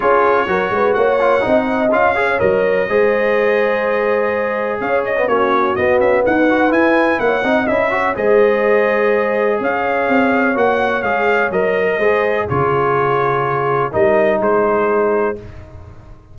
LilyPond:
<<
  \new Staff \with { instrumentName = "trumpet" } { \time 4/4 \tempo 4 = 125 cis''2 fis''2 | f''4 dis''2.~ | dis''2 f''8 dis''8 cis''4 | dis''8 e''8 fis''4 gis''4 fis''4 |
e''4 dis''2. | f''2 fis''4 f''4 | dis''2 cis''2~ | cis''4 dis''4 c''2 | }
  \new Staff \with { instrumentName = "horn" } { \time 4/4 gis'4 ais'8 b'8 cis''4 dis''4~ | dis''8 cis''4. c''2~ | c''2 cis''4 fis'4~ | fis'4 b'2 cis''8 dis''8~ |
dis''8 cis''8 c''2. | cis''1~ | cis''4 c''4 gis'2~ | gis'4 ais'4 gis'2 | }
  \new Staff \with { instrumentName = "trombone" } { \time 4/4 f'4 fis'4. f'8 dis'4 | f'8 gis'8 ais'4 gis'2~ | gis'2~ gis'8. b16 cis'4 | b4. fis'8 e'4. dis'8 |
e'8 fis'8 gis'2.~ | gis'2 fis'4 gis'4 | ais'4 gis'4 f'2~ | f'4 dis'2. | }
  \new Staff \with { instrumentName = "tuba" } { \time 4/4 cis'4 fis8 gis8 ais4 c'4 | cis'4 fis4 gis2~ | gis2 cis'4 ais4 | b8 cis'8 dis'4 e'4 ais8 c'8 |
cis'4 gis2. | cis'4 c'4 ais4 gis4 | fis4 gis4 cis2~ | cis4 g4 gis2 | }
>>